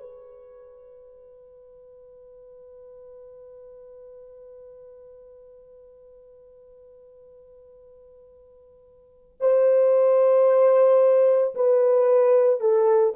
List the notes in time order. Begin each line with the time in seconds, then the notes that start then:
0.00 B4
9.40 C5
11.55 B4
12.60 A4